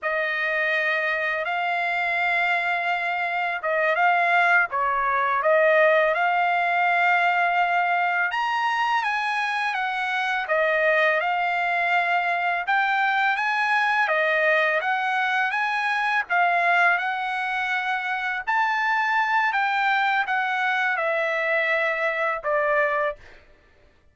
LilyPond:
\new Staff \with { instrumentName = "trumpet" } { \time 4/4 \tempo 4 = 83 dis''2 f''2~ | f''4 dis''8 f''4 cis''4 dis''8~ | dis''8 f''2. ais''8~ | ais''8 gis''4 fis''4 dis''4 f''8~ |
f''4. g''4 gis''4 dis''8~ | dis''8 fis''4 gis''4 f''4 fis''8~ | fis''4. a''4. g''4 | fis''4 e''2 d''4 | }